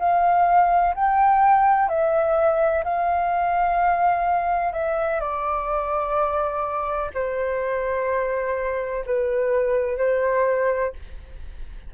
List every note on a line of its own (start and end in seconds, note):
0.00 0.95 F5
0.95 1.89 G5
1.89 2.84 E5
2.84 4.73 F5
4.73 5.20 E5
5.20 7.11 D5
7.15 9.05 C5
9.06 9.98 B4
9.98 10.94 C5